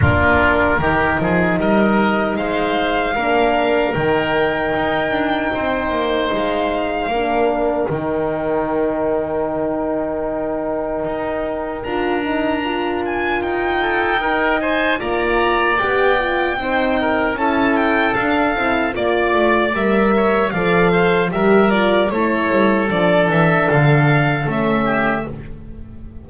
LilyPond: <<
  \new Staff \with { instrumentName = "violin" } { \time 4/4 \tempo 4 = 76 ais'2 dis''4 f''4~ | f''4 g''2. | f''2 g''2~ | g''2. ais''4~ |
ais''8 gis''8 g''4. gis''8 ais''4 | g''2 a''8 g''8 f''4 | d''4 e''4 f''4 e''8 d''8 | cis''4 d''8 e''8 f''4 e''4 | }
  \new Staff \with { instrumentName = "oboe" } { \time 4/4 f'4 g'8 gis'8 ais'4 c''4 | ais'2. c''4~ | c''4 ais'2.~ | ais'1~ |
ais'4. a'8 ais'8 c''8 d''4~ | d''4 c''8 ais'8 a'2 | d''4. cis''8 d''8 c''8 ais'4 | a'2.~ a'8 g'8 | }
  \new Staff \with { instrumentName = "horn" } { \time 4/4 d'4 dis'2. | d'4 dis'2.~ | dis'4 d'4 dis'2~ | dis'2. f'8 dis'8 |
f'2 dis'4 f'4 | g'8 f'8 dis'4 e'4 d'8 e'8 | f'4 ais'4 a'4 g'8 f'8 | e'4 d'2 cis'4 | }
  \new Staff \with { instrumentName = "double bass" } { \time 4/4 ais4 dis8 f8 g4 gis4 | ais4 dis4 dis'8 d'8 c'8 ais8 | gis4 ais4 dis2~ | dis2 dis'4 d'4~ |
d'4 dis'2 ais4 | b4 c'4 cis'4 d'8 c'8 | ais8 a8 g4 f4 g4 | a8 g8 f8 e8 d4 a4 | }
>>